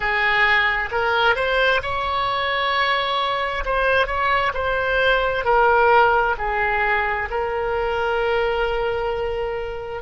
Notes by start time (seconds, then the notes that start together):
0.00 G#4
0.91 A#4
1.35 C5
1.82 C#5
3.65 C5
4.07 C#5
4.54 C5
5.45 A#4
6.38 G#4
7.30 A#4